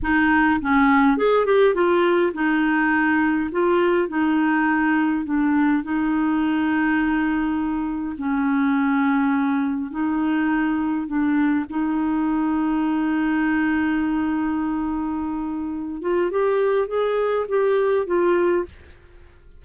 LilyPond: \new Staff \with { instrumentName = "clarinet" } { \time 4/4 \tempo 4 = 103 dis'4 cis'4 gis'8 g'8 f'4 | dis'2 f'4 dis'4~ | dis'4 d'4 dis'2~ | dis'2 cis'2~ |
cis'4 dis'2 d'4 | dis'1~ | dis'2.~ dis'8 f'8 | g'4 gis'4 g'4 f'4 | }